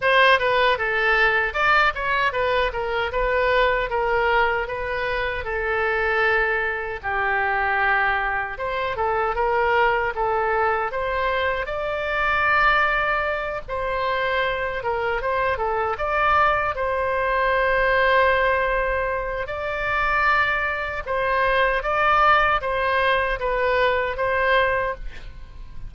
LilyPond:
\new Staff \with { instrumentName = "oboe" } { \time 4/4 \tempo 4 = 77 c''8 b'8 a'4 d''8 cis''8 b'8 ais'8 | b'4 ais'4 b'4 a'4~ | a'4 g'2 c''8 a'8 | ais'4 a'4 c''4 d''4~ |
d''4. c''4. ais'8 c''8 | a'8 d''4 c''2~ c''8~ | c''4 d''2 c''4 | d''4 c''4 b'4 c''4 | }